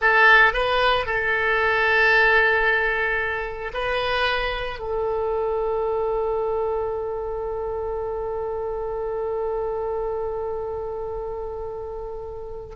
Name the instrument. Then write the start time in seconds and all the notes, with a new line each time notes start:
oboe
0.01 A4
0.53 B4
1.05 A4
3.73 B4
4.79 A4